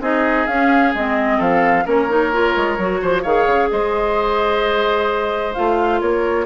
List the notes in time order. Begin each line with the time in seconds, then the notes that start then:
0.00 C4 D#4 G#4 D#5
0.47 C#4 F5
0.94 G#3 C4 D#5
1.38 F3 A4 F5
1.85 A#3 C#4 A#4 C#5
2.09 D#4
2.32 F4
2.56 G#3
2.77 F#3 F#4
3.02 F3 C5
3.22 D#3 G#4 C#5 F5
3.46 C#3
3.70 G#3 C5 D#5
5.54 A3 F4 F5
6.00 A#3 A#4 C#5